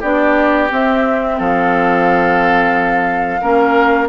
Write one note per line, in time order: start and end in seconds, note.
0.00 0.70 B3
0.00 0.69 D4
0.00 1.35 G4
0.00 0.70 D5
0.69 3.39 C4
0.69 1.39 C4
0.69 1.40 E5
1.38 3.41 F3
1.38 3.41 A4
1.38 4.09 F5
3.41 4.09 A#3
3.41 4.09 C#4
3.41 4.08 A#4